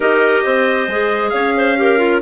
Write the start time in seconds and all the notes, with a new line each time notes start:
0.00 D#4 G4 A#4 D#5
0.43 C4 C5
0.87 G#3 G#4
1.29 C#4 C#5 F5
1.57 C5
1.76 G4 A#4
1.98 F4